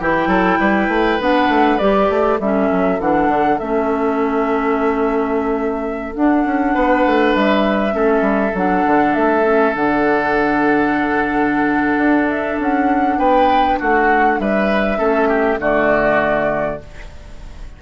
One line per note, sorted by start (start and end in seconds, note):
0.00 0.27 E3
0.00 1.20 E4
0.00 0.28 G4
0.00 1.22 G5
0.27 0.57 F#3
0.27 0.58 A4
0.59 0.89 G3
0.59 2.40 B4
0.89 1.19 A3
1.20 1.49 B3
1.20 1.80 D4
1.20 1.78 F#5
1.49 1.79 A3
1.78 2.10 G3
1.78 2.40 G4
1.78 2.38 D5
2.10 2.40 A3
2.40 2.70 G3
2.40 3.00 C#4
2.40 6.74 A4
2.40 3.00 E5
2.71 3.00 F#3
3.00 3.28 E3
3.00 3.60 D4
3.00 3.59 F#5
3.28 3.58 D3
3.59 6.16 A3
3.59 6.15 C#4
3.59 6.14 E5
6.15 7.91 D4
6.15 6.45 D4
6.15 7.35 F#5
6.45 6.75 C#4
6.74 7.05 B3
6.74 7.94 B4
7.06 7.35 A3
7.35 7.94 G3
7.35 8.55 E5
7.91 8.21 A3
7.91 8.51 C#4
7.91 13.19 A4
8.21 8.51 G3
8.54 8.84 F#3
8.54 9.44 D4
8.54 9.14 F#5
8.86 9.16 D3
9.14 9.75 A3
9.14 9.74 E5
9.44 9.74 C#4
9.75 11.97 D3
9.75 14.97 D4
9.75 12.29 F#5
11.97 12.57 D4
12.29 12.59 E5
12.59 13.18 C#4
12.59 13.19 F#5
13.18 13.78 B3
13.18 13.79 B4
13.18 13.79 G5
13.79 14.39 A3
13.79 14.39 F#4
13.79 14.40 F#5
14.39 14.99 G3
14.39 14.98 B4
14.39 15.60 E5
14.97 15.58 A3
14.97 15.58 C#4
14.97 15.28 A4
15.28 15.58 G4
15.58 16.78 D3
15.58 16.79 A3
15.58 16.81 F#4
15.58 16.82 D5